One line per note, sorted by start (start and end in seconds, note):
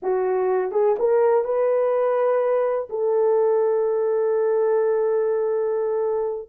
0.02 0.71 F#4
0.71 0.95 G#4
0.98 1.44 A#4
1.44 2.88 B4
2.89 6.49 A4